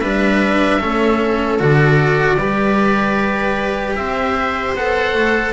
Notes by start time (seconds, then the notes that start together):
0.00 G3 D4 B4 E5
0.79 A3 C#4 A4
1.59 D3 F#4 D5
2.37 G3 G4 B4
3.96 C4 C5 E5
4.76 B3 A4 F#5
5.14 A3